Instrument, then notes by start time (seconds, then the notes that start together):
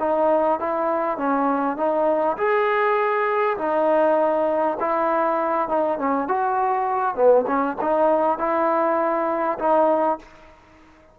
trombone
0.00 D#4
0.60 E4
1.18 C#4
1.77 D#4
2.38 G#4
3.58 D#4
4.81 E4
5.69 D#4
5.99 C#4
6.29 F#4
7.16 B3
7.47 C#4
7.81 D#4
8.39 E4
9.59 D#4